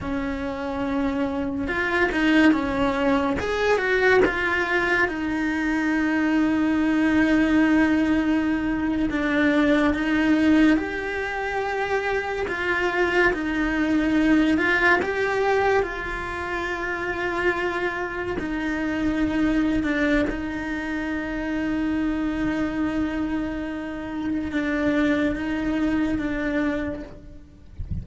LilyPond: \new Staff \with { instrumentName = "cello" } { \time 4/4 \tempo 4 = 71 cis'2 f'8 dis'8 cis'4 | gis'8 fis'8 f'4 dis'2~ | dis'2~ dis'8. d'4 dis'16~ | dis'8. g'2 f'4 dis'16~ |
dis'4~ dis'16 f'8 g'4 f'4~ f'16~ | f'4.~ f'16 dis'4.~ dis'16 d'8 | dis'1~ | dis'4 d'4 dis'4 d'4 | }